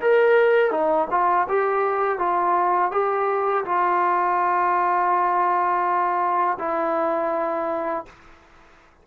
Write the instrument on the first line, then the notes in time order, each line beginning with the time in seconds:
trombone
0.00 A#4
0.71 D#4
1.10 F4
1.48 G4
2.18 F4
2.91 G4
3.65 F4
6.59 E4